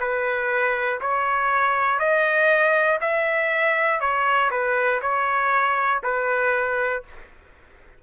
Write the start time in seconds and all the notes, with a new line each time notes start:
0.00 B4
1.00 C#5
1.99 D#5
3.00 E5
4.00 C#5
4.50 B4
5.01 C#5
6.03 B4